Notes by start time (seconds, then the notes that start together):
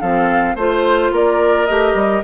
0.00 F3 C4 A4 F5
0.55 A3 F4 C5
1.11 A#3 A#4 D5
1.66 A3 G4 D#5
1.94 G3